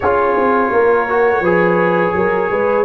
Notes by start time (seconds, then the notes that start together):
0.00 C#4 F4 G#4 C#5
0.36 C4
0.70 A#3 A#4
1.08 F#4
1.40 F3 G#4 B4
2.15 F#3 A#4
2.50 G#3 B4